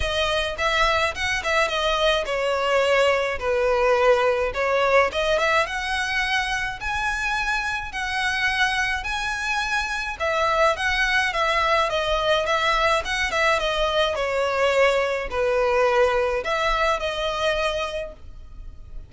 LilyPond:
\new Staff \with { instrumentName = "violin" } { \time 4/4 \tempo 4 = 106 dis''4 e''4 fis''8 e''8 dis''4 | cis''2 b'2 | cis''4 dis''8 e''8 fis''2 | gis''2 fis''2 |
gis''2 e''4 fis''4 | e''4 dis''4 e''4 fis''8 e''8 | dis''4 cis''2 b'4~ | b'4 e''4 dis''2 | }